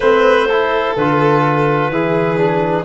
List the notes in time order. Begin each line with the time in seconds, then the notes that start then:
0.00 A3 C4 B4 C5
0.48 E4 A4
0.96 D3 F4 B4
1.88 E3 E4 G#4
2.37 D4